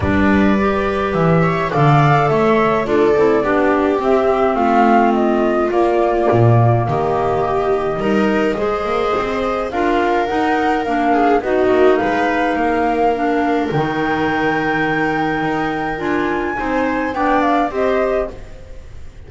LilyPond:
<<
  \new Staff \with { instrumentName = "flute" } { \time 4/4 \tempo 4 = 105 d''2 e''4 f''4 | e''4 d''2 e''4 | f''4 dis''4 d''2 | dis''1~ |
dis''4 f''4 fis''4 f''4 | dis''4 f''2. | g''1 | gis''2 g''8 f''8 dis''4 | }
  \new Staff \with { instrumentName = "viola" } { \time 4/4 b'2~ b'8 cis''8 d''4 | cis''4 a'4 g'2 | f'1 | g'2 ais'4 c''4~ |
c''4 ais'2~ ais'8 gis'8 | fis'4 b'4 ais'2~ | ais'1~ | ais'4 c''4 d''4 c''4 | }
  \new Staff \with { instrumentName = "clarinet" } { \time 4/4 d'4 g'2 a'4~ | a'4 f'8 e'8 d'4 c'4~ | c'2 ais2~ | ais2 dis'4 gis'4~ |
gis'4 f'4 dis'4 d'4 | dis'2. d'4 | dis'1 | f'4 dis'4 d'4 g'4 | }
  \new Staff \with { instrumentName = "double bass" } { \time 4/4 g2 e4 d4 | a4 d'8 c'8 b4 c'4 | a2 ais4 ais,4 | dis2 g4 gis8 ais8 |
c'4 d'4 dis'4 ais4 | b8 ais8 gis4 ais2 | dis2. dis'4 | d'4 c'4 b4 c'4 | }
>>